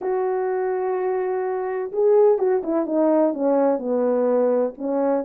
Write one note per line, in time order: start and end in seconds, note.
0.01 1.91 F#4
1.92 2.38 G#4
2.38 2.62 F#4
2.63 2.86 E4
2.86 3.33 D#4
3.33 3.78 C#4
3.78 4.74 B3
4.77 5.24 C#4